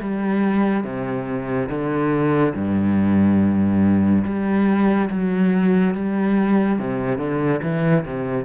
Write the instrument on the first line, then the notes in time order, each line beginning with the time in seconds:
cello
0.00 G3
0.84 C3
1.69 D3
2.55 G2
4.24 G3
5.10 F#3
5.94 G3
6.79 C3
7.18 D3
7.62 E3
8.05 C3